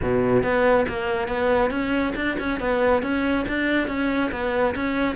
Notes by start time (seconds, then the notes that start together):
0.02 B2
0.43 B3
0.88 A#3
1.28 B3
1.70 C#4
2.15 D4
2.39 C#4
2.60 B3
3.02 C#4
3.48 D4
3.87 C#4
4.31 B3
4.75 C#4